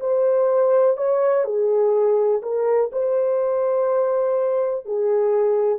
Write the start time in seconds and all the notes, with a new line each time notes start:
0.00 C5
0.97 C#5
1.44 G#4
2.42 A#4
2.92 C5
4.85 G#4